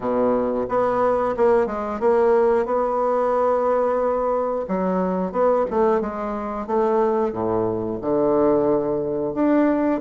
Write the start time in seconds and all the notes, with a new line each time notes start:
0.00 B2
0.68 B3
1.36 A#3
1.66 G#3
2.00 A#3
2.65 B3
4.68 F#3
5.32 B3
5.70 A3
6.00 G#3
6.66 A3
7.32 A2
8.01 D3
9.34 D4